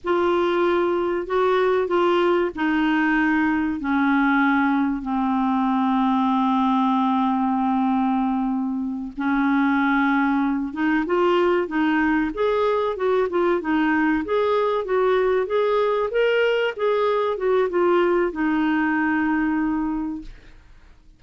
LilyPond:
\new Staff \with { instrumentName = "clarinet" } { \time 4/4 \tempo 4 = 95 f'2 fis'4 f'4 | dis'2 cis'2 | c'1~ | c'2~ c'8 cis'4.~ |
cis'4 dis'8 f'4 dis'4 gis'8~ | gis'8 fis'8 f'8 dis'4 gis'4 fis'8~ | fis'8 gis'4 ais'4 gis'4 fis'8 | f'4 dis'2. | }